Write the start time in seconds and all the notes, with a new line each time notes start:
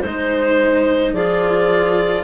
0.00 G#3 D#4 C5
1.13 F3 F4 G#4 D5